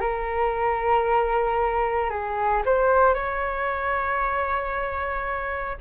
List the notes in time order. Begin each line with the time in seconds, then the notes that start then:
0.00 A#4
2.09 G#4
2.65 C5
3.14 C#5